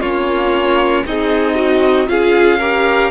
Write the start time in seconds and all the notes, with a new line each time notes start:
0.00 A#3 C#4 F4 C#5
1.06 C4 D#4 G#4 D#5
1.55 F#4
2.07 C#4 F4 G#4 F5
2.59 G4 A#4